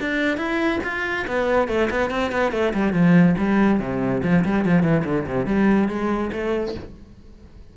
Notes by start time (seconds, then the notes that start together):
0.00 D4
0.37 E4
0.84 F4
1.27 B3
1.68 A3
1.90 B3
2.10 C4
2.31 B3
2.52 A3
2.74 G3
2.93 F3
3.38 G3
3.80 C3
4.23 F3
4.45 G3
4.65 F3
4.82 E3
5.05 D3
5.26 C3
5.46 G3
5.88 G#3
6.32 A3